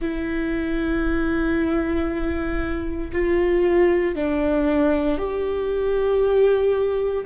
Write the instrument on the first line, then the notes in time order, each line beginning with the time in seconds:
viola
0.00 E4
3.12 F4
4.15 D4
5.18 G4